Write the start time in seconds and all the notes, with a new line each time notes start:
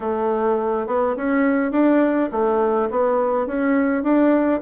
0.00 A3
0.86 B3
1.16 C#4
1.72 D4
2.31 A3
2.90 B3
3.46 C#4
4.03 D4